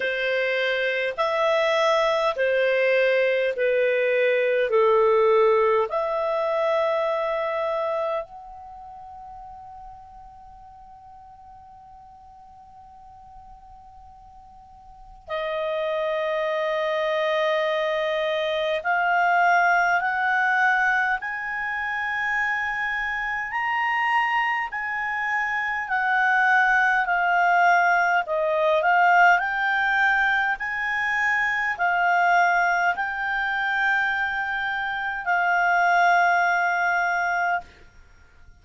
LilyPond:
\new Staff \with { instrumentName = "clarinet" } { \time 4/4 \tempo 4 = 51 c''4 e''4 c''4 b'4 | a'4 e''2 fis''4~ | fis''1~ | fis''4 dis''2. |
f''4 fis''4 gis''2 | ais''4 gis''4 fis''4 f''4 | dis''8 f''8 g''4 gis''4 f''4 | g''2 f''2 | }